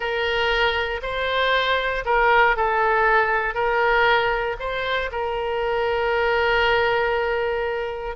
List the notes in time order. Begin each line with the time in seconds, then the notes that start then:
0.00 A#4
1.02 C5
2.05 A#4
2.56 A4
3.54 A#4
4.59 C5
5.11 A#4